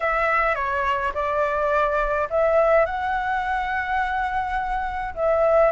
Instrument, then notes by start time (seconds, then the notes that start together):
flute
0.00 E5
0.55 C#5
1.14 D5
2.30 E5
2.85 F#5
5.15 E5